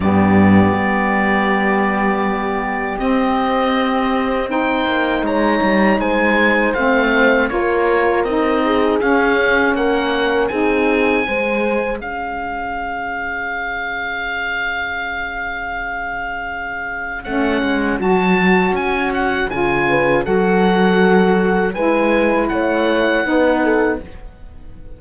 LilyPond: <<
  \new Staff \with { instrumentName = "oboe" } { \time 4/4 \tempo 4 = 80 d''1 | dis''2 g''4 ais''4 | gis''4 f''4 cis''4 dis''4 | f''4 fis''4 gis''2 |
f''1~ | f''2. fis''4 | a''4 gis''8 fis''8 gis''4 fis''4~ | fis''4 gis''4 fis''2 | }
  \new Staff \with { instrumentName = "horn" } { \time 4/4 g'1~ | g'2 c''4 cis''4 | c''2 ais'4. gis'8~ | gis'4 ais'4 gis'4 c''4 |
cis''1~ | cis''1~ | cis''2~ cis''8 b'8 a'4~ | a'4 b'4 cis''4 b'8 a'8 | }
  \new Staff \with { instrumentName = "saxophone" } { \time 4/4 b1 | c'2 dis'2~ | dis'4 c'4 f'4 dis'4 | cis'2 dis'4 gis'4~ |
gis'1~ | gis'2. cis'4 | fis'2 f'4 fis'4~ | fis'4 e'2 dis'4 | }
  \new Staff \with { instrumentName = "cello" } { \time 4/4 g,4 g2. | c'2~ c'8 ais8 gis8 g8 | gis4 a4 ais4 c'4 | cis'4 ais4 c'4 gis4 |
cis'1~ | cis'2. a8 gis8 | fis4 cis'4 cis4 fis4~ | fis4 gis4 a4 b4 | }
>>